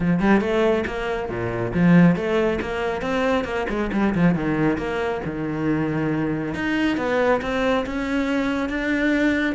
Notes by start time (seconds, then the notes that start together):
0.00 F3
0.20 G3
0.41 A3
0.86 A#3
1.29 A#2
1.73 F3
2.15 A3
2.61 A#3
3.01 C4
3.44 A#3
3.69 G#3
3.92 G3
4.14 F3
4.34 D#3
4.77 A#3
5.25 D#3
6.54 D#4
6.97 B3
7.41 C4
7.86 C#4
8.69 D4